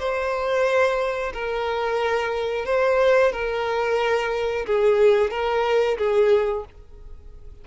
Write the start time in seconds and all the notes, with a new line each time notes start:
0.00 C5
1.34 A#4
2.66 C5
3.33 A#4
4.67 G#4
5.31 A#4
5.98 G#4